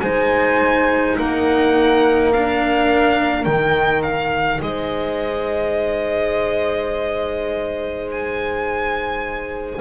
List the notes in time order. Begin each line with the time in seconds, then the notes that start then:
0.00 G#3 D#4 C5 G#5
1.18 A#3 A#4 F#5
2.33 D4 F5
3.44 D#3 D#4 G5
4.03 F5
4.62 G#3 C5 D#5
8.11 G#5